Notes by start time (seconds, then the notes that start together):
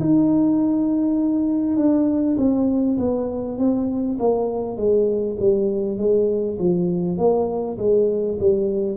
0.00 D#4
1.76 D4
2.38 C4
2.98 B3
3.58 C4
4.19 A#3
4.77 G#3
5.39 G3
5.98 G#3
6.58 F3
7.18 A#3
7.78 G#3
8.39 G3